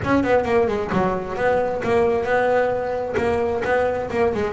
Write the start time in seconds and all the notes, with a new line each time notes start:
0.04 C#4
0.23 B3
0.44 A#3
0.67 G#3
0.92 F#3
1.36 B3
1.83 A#3
2.24 B3
3.17 A#3
3.64 B3
4.10 A#3
4.33 G#3